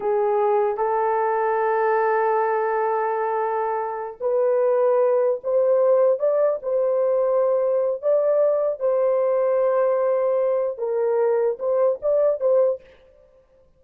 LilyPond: \new Staff \with { instrumentName = "horn" } { \time 4/4 \tempo 4 = 150 gis'2 a'2~ | a'1~ | a'2~ a'8 b'4.~ | b'4. c''2 d''8~ |
d''8 c''2.~ c''8 | d''2 c''2~ | c''2. ais'4~ | ais'4 c''4 d''4 c''4 | }